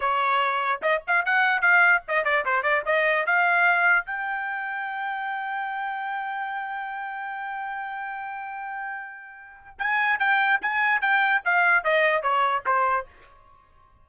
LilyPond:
\new Staff \with { instrumentName = "trumpet" } { \time 4/4 \tempo 4 = 147 cis''2 dis''8 f''8 fis''4 | f''4 dis''8 d''8 c''8 d''8 dis''4 | f''2 g''2~ | g''1~ |
g''1~ | g''1 | gis''4 g''4 gis''4 g''4 | f''4 dis''4 cis''4 c''4 | }